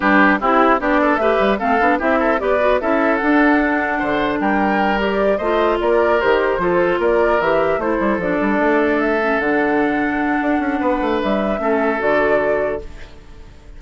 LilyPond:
<<
  \new Staff \with { instrumentName = "flute" } { \time 4/4 \tempo 4 = 150 b'4 g'4 d''4 e''4 | f''4 e''4 d''4 e''4 | fis''2. g''4~ | g''8 d''4 dis''4 d''4 c''8~ |
c''4. d''4 e''4 c''8~ | c''8 d''2 e''4 fis''8~ | fis''1 | e''2 d''2 | }
  \new Staff \with { instrumentName = "oboe" } { \time 4/4 g'4 e'4 g'8 a'8 b'4 | a'4 g'8 a'8 b'4 a'4~ | a'2 c''4 ais'4~ | ais'4. c''4 ais'4.~ |
ais'8 a'4 ais'2 a'8~ | a'1~ | a'2. b'4~ | b'4 a'2. | }
  \new Staff \with { instrumentName = "clarinet" } { \time 4/4 d'4 e'4 d'4 g'4 | c'8 d'8 e'4 g'8 fis'8 e'4 | d'1~ | d'8 g'4 f'2 g'8~ |
g'8 f'2 g'4 e'8~ | e'8 d'2~ d'8 cis'8 d'8~ | d'1~ | d'4 cis'4 fis'2 | }
  \new Staff \with { instrumentName = "bassoon" } { \time 4/4 g4 c'4 b4 a8 g8 | a8 b8 c'4 b4 cis'4 | d'2 d4 g4~ | g4. a4 ais4 dis8~ |
dis8 f4 ais4 e4 a8 | g8 f8 g8 a2 d8~ | d2 d'8 cis'8 b8 a8 | g4 a4 d2 | }
>>